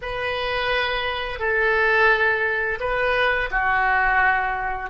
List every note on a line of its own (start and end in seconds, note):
0.01 1.39 B4
1.39 2.78 A4
2.79 3.49 B4
3.51 4.90 F#4